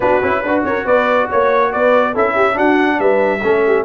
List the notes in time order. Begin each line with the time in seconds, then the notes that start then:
0.00 B3 D4 F#4 B4
0.22 C#4 E4
0.42 D4 F#4 B4
0.65 C#4 A#4 C#5
0.84 B3 B4 D5
1.29 A#3 C#5
1.72 B3 B4 D5
2.13 C#4 E4 A4 E5
2.34 G4
2.53 D4 F#4 F#5
2.99 G3 B4 E5
3.43 A3 C#4 A4
3.65 G4